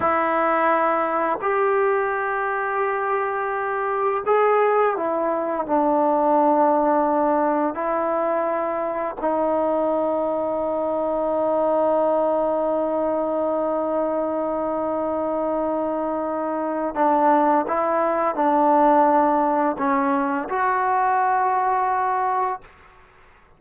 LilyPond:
\new Staff \with { instrumentName = "trombone" } { \time 4/4 \tempo 4 = 85 e'2 g'2~ | g'2 gis'4 e'4 | d'2. e'4~ | e'4 dis'2.~ |
dis'1~ | dis'1 | d'4 e'4 d'2 | cis'4 fis'2. | }